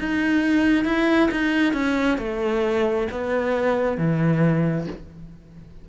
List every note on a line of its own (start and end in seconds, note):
0.00 0.85 D#4
0.85 1.30 E4
1.32 1.73 D#4
1.73 2.18 C#4
2.18 3.08 A3
3.11 3.98 B3
3.98 4.88 E3